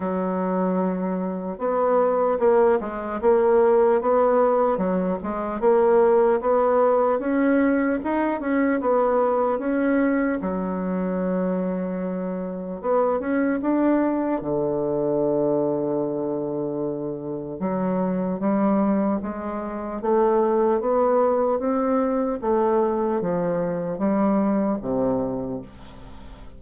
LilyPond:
\new Staff \with { instrumentName = "bassoon" } { \time 4/4 \tempo 4 = 75 fis2 b4 ais8 gis8 | ais4 b4 fis8 gis8 ais4 | b4 cis'4 dis'8 cis'8 b4 | cis'4 fis2. |
b8 cis'8 d'4 d2~ | d2 fis4 g4 | gis4 a4 b4 c'4 | a4 f4 g4 c4 | }